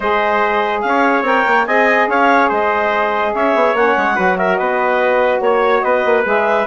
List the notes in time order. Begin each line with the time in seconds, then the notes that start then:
0.00 G#3 G#4 C5 D#5
0.81 C#4 F5
0.87 C#5
1.22 C4 A#4 G5
1.46 A#3
1.66 C4 G#4 D#5 G#5
2.08 C#4 C#5 F5
2.49 G#3 C5 D#5
3.34 C#4 C#5 E5
3.54 B3
3.74 A#3 C#4 F#5
3.97 G#3
4.14 F#3 F#4 B4
4.37 A#4 E5
4.56 B3 B4 D#5
5.40 A#3 C#5
5.80 B3 B4 D#5
6.04 A#3
6.24 G#3 G#4 E5